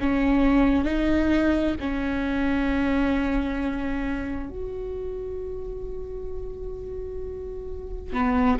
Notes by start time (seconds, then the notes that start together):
0.00 C#4
0.84 D#4
1.80 C#4
4.49 F#4
8.13 B3